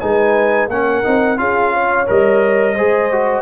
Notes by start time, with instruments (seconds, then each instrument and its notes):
0.00 tuba G#3, trombone D#4, horn B4, trumpet G#5
0.68 tuba A#3, trombone C#4, horn A#4, trumpet F#5
1.04 tuba C4, trombone D#4
1.37 tuba C#4, trombone F4, horn G#4, trumpet F5
1.74 horn C#5
2.07 tuba G3, trombone A#4, trumpet D#5
2.76 tuba G#3, trombone G#4, horn C5
3.12 trombone F#4